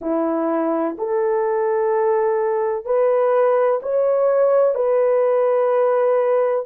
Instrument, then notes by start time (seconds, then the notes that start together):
horn
0.01 E4
0.97 A4
2.85 B4
3.82 C#5
4.74 B4